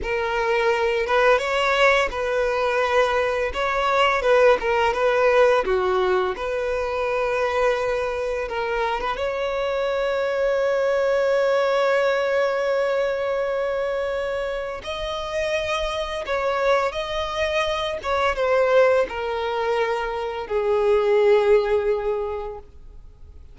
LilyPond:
\new Staff \with { instrumentName = "violin" } { \time 4/4 \tempo 4 = 85 ais'4. b'8 cis''4 b'4~ | b'4 cis''4 b'8 ais'8 b'4 | fis'4 b'2. | ais'8. b'16 cis''2.~ |
cis''1~ | cis''4 dis''2 cis''4 | dis''4. cis''8 c''4 ais'4~ | ais'4 gis'2. | }